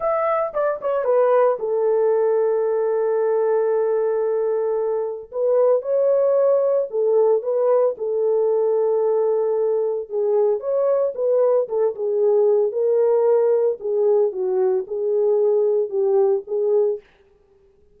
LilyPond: \new Staff \with { instrumentName = "horn" } { \time 4/4 \tempo 4 = 113 e''4 d''8 cis''8 b'4 a'4~ | a'1~ | a'2 b'4 cis''4~ | cis''4 a'4 b'4 a'4~ |
a'2. gis'4 | cis''4 b'4 a'8 gis'4. | ais'2 gis'4 fis'4 | gis'2 g'4 gis'4 | }